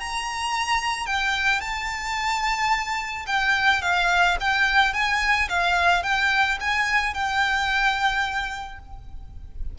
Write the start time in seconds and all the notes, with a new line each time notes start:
0.00 A#5
1.06 G5
1.61 A5
3.27 G5
3.82 F5
4.40 G5
4.94 G#5
5.49 F5
6.03 G5
6.60 G#5
7.14 G5